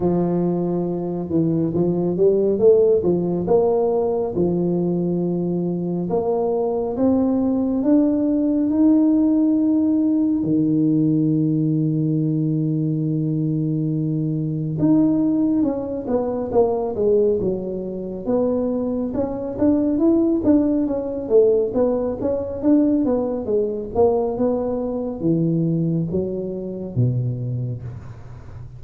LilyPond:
\new Staff \with { instrumentName = "tuba" } { \time 4/4 \tempo 4 = 69 f4. e8 f8 g8 a8 f8 | ais4 f2 ais4 | c'4 d'4 dis'2 | dis1~ |
dis4 dis'4 cis'8 b8 ais8 gis8 | fis4 b4 cis'8 d'8 e'8 d'8 | cis'8 a8 b8 cis'8 d'8 b8 gis8 ais8 | b4 e4 fis4 b,4 | }